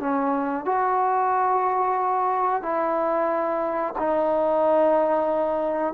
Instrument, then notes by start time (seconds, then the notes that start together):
trombone
0.00 C#4
0.65 F#4
2.63 E4
3.99 D#4